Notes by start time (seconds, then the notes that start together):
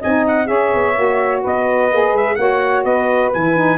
0.00 C4 D#4 D#5 G#5
0.28 F#5
0.46 C#4 G#4 C#5 E5
0.74 B3
0.95 A#3 F#4
1.41 B3 B4 D#5
1.91 A#3 G#4
2.12 G#3 E5
2.35 A#3 F#4 C#5 F#5
2.84 B3 B4 D#5
3.33 E3 E4 G#5
3.56 D#4